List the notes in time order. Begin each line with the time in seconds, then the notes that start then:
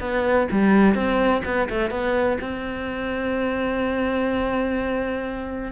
0.00 B3
0.51 G3
0.95 C4
1.45 B3
1.69 A3
1.90 B3
2.41 C4